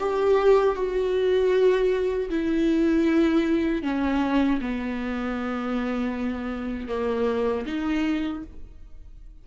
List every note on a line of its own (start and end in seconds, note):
0.00 0.76 G4
0.76 2.30 F#4
2.30 3.83 E4
3.83 4.60 C#4
4.62 6.89 B3
6.89 7.66 A#3
7.67 8.44 D#4